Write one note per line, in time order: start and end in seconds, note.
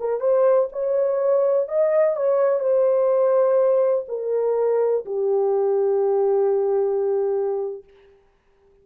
0.00 0.20 A#4
0.20 0.69 C5
0.73 1.68 C#5
1.68 2.16 D#5
2.16 2.60 C#5
2.60 4.05 C5
4.08 5.05 A#4
5.06 7.84 G4